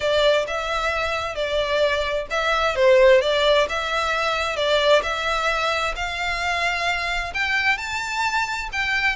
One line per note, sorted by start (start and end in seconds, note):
0.00 0.46 D5
0.47 1.35 E5
1.35 2.26 D5
2.30 2.75 E5
2.75 3.21 C5
3.21 3.67 D5
3.69 4.56 E5
4.56 5.02 D5
5.03 5.94 E5
5.95 7.33 F5
7.33 7.77 G5
7.77 8.69 A5
8.72 9.16 G5